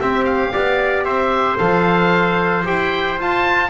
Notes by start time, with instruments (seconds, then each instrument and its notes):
0.00 double bass C4, trombone C4, trumpet G4, oboe E5
0.24 oboe F5
0.52 double bass B3, trombone G4, trumpet D5
1.04 double bass C4, trumpet C5, oboe E5
1.58 double bass F3, trombone A4, oboe F5
2.64 double bass E4, trombone G4, oboe G5
3.18 double bass F4, trombone F4, oboe A5